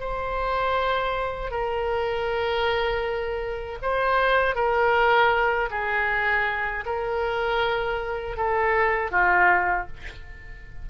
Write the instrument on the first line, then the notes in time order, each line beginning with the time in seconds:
oboe
0.00 C5
1.51 A#4
3.82 C5
4.55 A#4
5.70 G#4
6.85 A#4
8.37 A4
9.11 F4